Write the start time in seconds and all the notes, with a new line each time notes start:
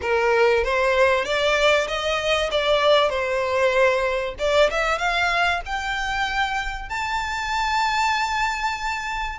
0.01 A#4
0.64 C5
1.24 D5
1.87 D#5
2.51 D5
3.09 C5
4.38 D5
4.70 E5
4.98 F5
5.65 G5
6.89 A5